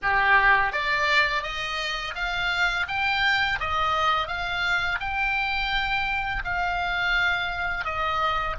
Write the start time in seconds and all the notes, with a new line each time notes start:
0.02 G4
0.72 D5
1.43 D#5
2.15 F5
2.87 G5
3.60 D#5
4.27 F5
4.99 G5
6.44 F5
7.84 D#5